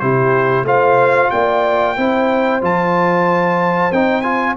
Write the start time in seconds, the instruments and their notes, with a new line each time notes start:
0.00 tuba C3, trombone E4, horn G4, trumpet C5
0.64 tuba A3, trombone F4, horn C5, trumpet F5
1.31 tuba A#3, horn D5, trumpet G5
1.97 tuba C4, trombone E4, horn C5
2.62 tuba F3, trombone F4, trumpet A5
3.92 tuba C4, trombone D#4, trumpet G5
4.22 trombone F4, trumpet G#5